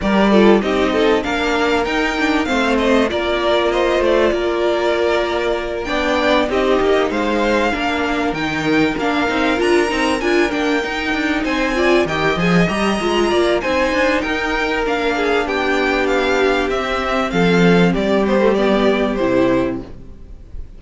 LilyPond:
<<
  \new Staff \with { instrumentName = "violin" } { \time 4/4 \tempo 4 = 97 d''4 dis''4 f''4 g''4 | f''8 dis''8 d''4 dis''8 d''4.~ | d''4. g''4 dis''4 f''8~ | f''4. g''4 f''4 ais''8~ |
ais''8 gis''8 g''4. gis''4 g''8 | gis''8 ais''4. gis''4 g''4 | f''4 g''4 f''4 e''4 | f''4 d''8 c''8 d''4 c''4 | }
  \new Staff \with { instrumentName = "violin" } { \time 4/4 ais'8 a'8 g'8 a'8 ais'2 | c''4 ais'4 c''4 ais'4~ | ais'4. d''4 g'4 c''8~ | c''8 ais'2.~ ais'8~ |
ais'2~ ais'8 c''8 d''8 dis''8~ | dis''4. d''8 c''4 ais'4~ | ais'8 gis'8 g'2. | a'4 g'2. | }
  \new Staff \with { instrumentName = "viola" } { \time 4/4 g'8 f'8 dis'4 d'4 dis'8 d'8 | c'4 f'2.~ | f'4. d'4 dis'4.~ | dis'8 d'4 dis'4 d'8 dis'8 f'8 |
dis'8 f'8 d'8 dis'4. f'8 g'8 | gis'8 g'8 f'4 dis'2 | d'2. c'4~ | c'4. b16 a16 b4 e'4 | }
  \new Staff \with { instrumentName = "cello" } { \time 4/4 g4 c'4 ais4 dis'4 | a4 ais4. a8 ais4~ | ais4. b4 c'8 ais8 gis8~ | gis8 ais4 dis4 ais8 c'8 d'8 |
c'8 d'8 ais8 dis'8 d'8 c'4 dis8 | f8 g8 gis8 ais8 c'8 d'8 dis'4 | ais4 b2 c'4 | f4 g2 c4 | }
>>